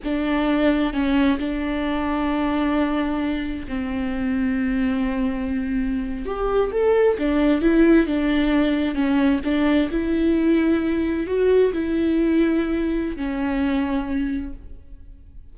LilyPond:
\new Staff \with { instrumentName = "viola" } { \time 4/4 \tempo 4 = 132 d'2 cis'4 d'4~ | d'1 | c'1~ | c'4.~ c'16 g'4 a'4 d'16~ |
d'8. e'4 d'2 cis'16~ | cis'8. d'4 e'2~ e'16~ | e'8. fis'4 e'2~ e'16~ | e'4 cis'2. | }